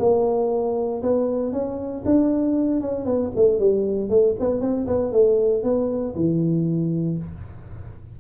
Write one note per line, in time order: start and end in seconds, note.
0.00 1.03 A#3
1.03 1.53 B3
1.53 2.04 C#4
2.06 2.82 D4
2.82 3.06 C#4
3.06 3.31 B3
3.36 3.60 A3
3.60 4.10 G3
4.10 4.36 A3
4.40 4.61 B3
4.61 4.87 C4
4.87 5.13 B3
5.13 5.64 A3
5.64 6.15 B3
6.16 7.18 E3